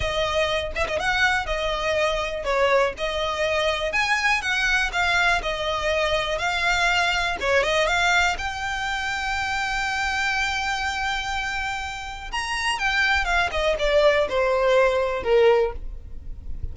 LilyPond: \new Staff \with { instrumentName = "violin" } { \time 4/4 \tempo 4 = 122 dis''4. e''16 dis''16 fis''4 dis''4~ | dis''4 cis''4 dis''2 | gis''4 fis''4 f''4 dis''4~ | dis''4 f''2 cis''8 dis''8 |
f''4 g''2.~ | g''1~ | g''4 ais''4 g''4 f''8 dis''8 | d''4 c''2 ais'4 | }